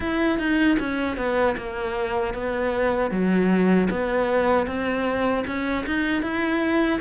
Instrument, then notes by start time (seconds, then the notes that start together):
cello
0.00 E4
0.38 D#4
0.79 C#4
1.17 B3
1.57 A#3
2.34 B3
3.10 F#3
3.90 B3
4.66 C4
5.46 C#4
5.86 D#4
6.22 E4